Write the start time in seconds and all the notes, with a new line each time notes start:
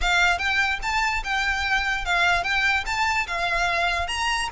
0.01 F5
0.38 G5
0.82 A5
1.24 G5
2.05 F5
2.43 G5
2.86 A5
3.27 F5
4.07 A#5